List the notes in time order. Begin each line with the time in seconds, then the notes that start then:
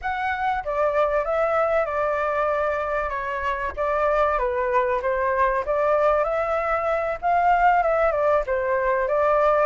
0.01 F#5
0.64 D5
1.24 E5
1.85 D5
3.09 C#5
3.76 D5
4.38 B4
5.01 C5
5.65 D5
6.24 E5
7.21 F5
7.82 E5
8.11 D5
8.46 C5
9.08 D5